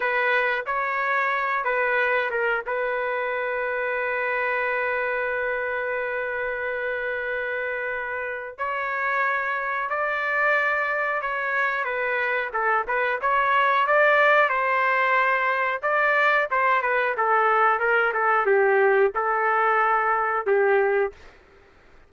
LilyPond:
\new Staff \with { instrumentName = "trumpet" } { \time 4/4 \tempo 4 = 91 b'4 cis''4. b'4 ais'8 | b'1~ | b'1~ | b'4 cis''2 d''4~ |
d''4 cis''4 b'4 a'8 b'8 | cis''4 d''4 c''2 | d''4 c''8 b'8 a'4 ais'8 a'8 | g'4 a'2 g'4 | }